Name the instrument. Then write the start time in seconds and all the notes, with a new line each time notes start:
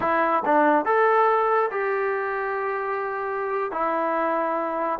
trombone
0.00 E4
0.45 D4
0.85 A4
1.70 G4
3.71 E4